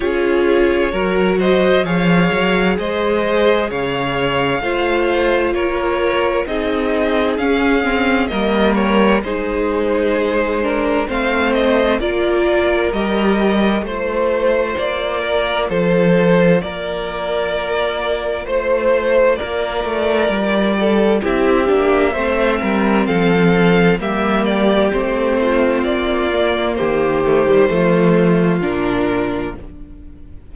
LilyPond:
<<
  \new Staff \with { instrumentName = "violin" } { \time 4/4 \tempo 4 = 65 cis''4. dis''8 f''4 dis''4 | f''2 cis''4 dis''4 | f''4 dis''8 cis''8 c''2 | f''8 dis''8 d''4 dis''4 c''4 |
d''4 c''4 d''2 | c''4 d''2 e''4~ | e''4 f''4 e''8 d''8 c''4 | d''4 c''2 ais'4 | }
  \new Staff \with { instrumentName = "violin" } { \time 4/4 gis'4 ais'8 c''8 cis''4 c''4 | cis''4 c''4 ais'4 gis'4~ | gis'4 ais'4 gis'4. ais'8 | c''4 ais'2 c''4~ |
c''8 ais'8 a'4 ais'2 | c''4 ais'4. a'8 g'4 | c''8 ais'8 a'4 g'4. f'8~ | f'4 g'4 f'2 | }
  \new Staff \with { instrumentName = "viola" } { \time 4/4 f'4 fis'4 gis'2~ | gis'4 f'2 dis'4 | cis'8 c'8 ais4 dis'4. d'8 | c'4 f'4 g'4 f'4~ |
f'1~ | f'2. e'8 d'8 | c'2 ais4 c'4~ | c'8 ais4 a16 g16 a4 d'4 | }
  \new Staff \with { instrumentName = "cello" } { \time 4/4 cis'4 fis4 f8 fis8 gis4 | cis4 a4 ais4 c'4 | cis'4 g4 gis2 | a4 ais4 g4 a4 |
ais4 f4 ais2 | a4 ais8 a8 g4 c'8 ais8 | a8 g8 f4 g4 a4 | ais4 dis4 f4 ais,4 | }
>>